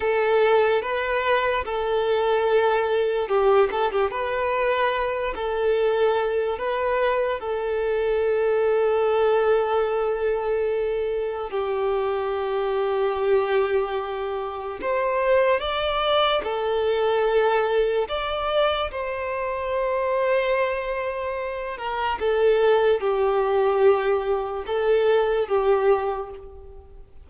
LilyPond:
\new Staff \with { instrumentName = "violin" } { \time 4/4 \tempo 4 = 73 a'4 b'4 a'2 | g'8 a'16 g'16 b'4. a'4. | b'4 a'2.~ | a'2 g'2~ |
g'2 c''4 d''4 | a'2 d''4 c''4~ | c''2~ c''8 ais'8 a'4 | g'2 a'4 g'4 | }